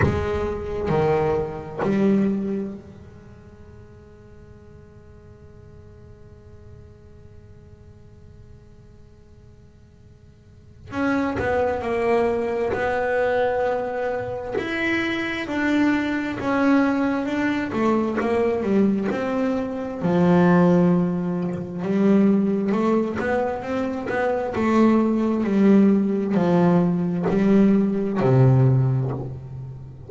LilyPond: \new Staff \with { instrumentName = "double bass" } { \time 4/4 \tempo 4 = 66 gis4 dis4 g4 gis4~ | gis1~ | gis1 | cis'8 b8 ais4 b2 |
e'4 d'4 cis'4 d'8 a8 | ais8 g8 c'4 f2 | g4 a8 b8 c'8 b8 a4 | g4 f4 g4 c4 | }